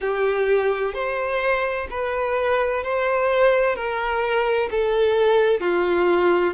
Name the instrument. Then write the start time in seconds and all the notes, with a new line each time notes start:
violin
0.00 G4
0.94 C5
1.90 B4
2.83 C5
3.75 A#4
4.70 A4
5.60 F4